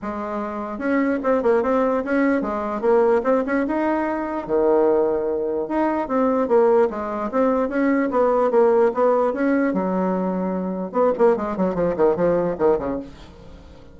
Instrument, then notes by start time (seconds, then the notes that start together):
bassoon
0.02 G#3
0.78 C#4
1.23 C4
1.42 A#3
1.63 C4
2.04 C#4
2.41 G#3
2.81 A#3
3.23 C4
3.46 C#4
3.67 D#4
4.46 D#3
5.68 D#4
6.07 C4
6.48 A#3
6.90 G#3
7.31 C4
7.68 C#4
8.10 B3
8.51 A#3
8.94 B3
9.33 C#4
9.73 F#3
10.92 B3
11.18 A#3
11.36 G#3
11.57 F#3
11.75 F3
11.96 D#3
12.15 F3
12.58 D#3
12.79 C#3